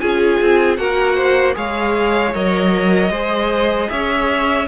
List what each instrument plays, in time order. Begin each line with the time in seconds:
0.00 cello C#4, viola F4, violin G#4 G#5
0.41 cello C4
0.76 cello A#3, viola F#4, violin A#4 F#5
1.16 violin C5
1.54 cello G#3, viola G#4, violin C#5 F5
2.34 cello F#3, viola A#4, violin D#5
3.10 cello G#3, viola G#4, violin C5
3.90 cello C#4, violin C#5 E5